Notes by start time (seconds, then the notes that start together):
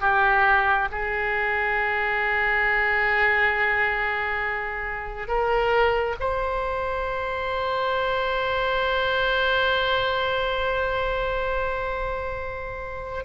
0.00 G4
0.91 G#4
5.27 A#4
6.20 C5